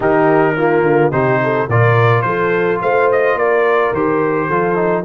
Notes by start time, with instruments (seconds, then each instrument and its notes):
0.00 tuba D#3, trombone D#4, horn G4, trumpet A#4
0.57 trombone A#3, horn F4
0.82 tuba D3
1.11 tuba C3, trombone D#4, horn G4, trumpet C5
1.43 horn A4
1.68 tuba A#2, trombone F4, horn A#4, trumpet D5
2.21 tuba F3, horn A4, trumpet C5
2.81 tuba A3, horn C5, trumpet F5
3.11 trumpet D#5
3.34 tuba A#3, horn A#4, trumpet D5
3.92 tuba D#3, trombone G4, trumpet C5
4.47 tuba F3, trombone F4, horn A4
4.75 trombone D#4